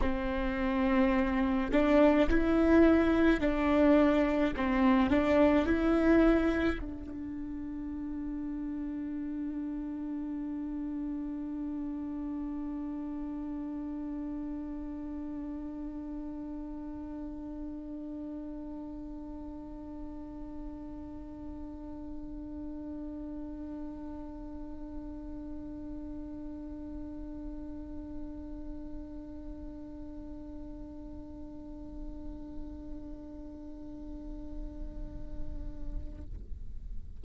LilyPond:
\new Staff \with { instrumentName = "viola" } { \time 4/4 \tempo 4 = 53 c'4. d'8 e'4 d'4 | c'8 d'8 e'4 d'2~ | d'1~ | d'1~ |
d'1~ | d'1~ | d'1~ | d'1 | }